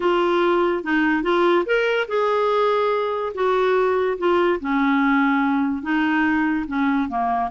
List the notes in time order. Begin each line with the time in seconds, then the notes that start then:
0.00 F4
0.83 D#4
1.23 F4
1.65 A#4
2.08 G#4
3.34 F#4
4.18 F4
4.60 C#4
5.82 D#4
6.67 C#4
7.08 A#3